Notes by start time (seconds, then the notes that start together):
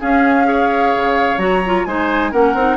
0.00 C#4 G#4 F5
0.44 G#4 C#5
0.95 C#3
1.37 F#3 F#4 A#5
1.65 F4
1.85 G#3 D#4 C5 G#5
2.31 A#3 C#4 A#4 F#5
2.54 C4 D#4